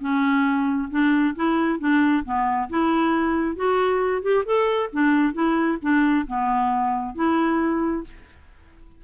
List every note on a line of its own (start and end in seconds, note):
0.00 0.89 C#4
0.91 1.35 D4
1.35 1.79 E4
1.79 2.24 D4
2.25 2.69 B3
2.69 3.56 E4
3.56 4.22 F#4
4.22 4.44 G4
4.45 4.90 A4
4.93 5.34 D4
5.34 5.78 E4
5.82 6.26 D4
6.27 7.15 B3
7.15 8.04 E4